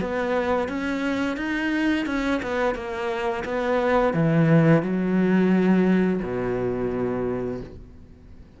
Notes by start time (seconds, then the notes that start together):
0.00 B3
0.68 C#4
1.36 D#4
2.06 C#4
2.42 B3
2.74 A#3
3.45 B3
4.13 E3
4.82 F#3
6.22 B2